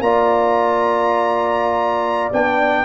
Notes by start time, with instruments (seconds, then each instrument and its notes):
0.00 tuba A#3, trombone F4, horn D5, trumpet A#5
2.32 tuba B3, trombone D4, trumpet G5